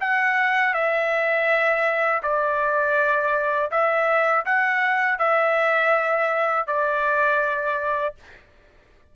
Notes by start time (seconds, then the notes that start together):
0.00 F#5
0.74 E5
2.23 D5
3.71 E5
4.45 F#5
5.19 E5
6.67 D5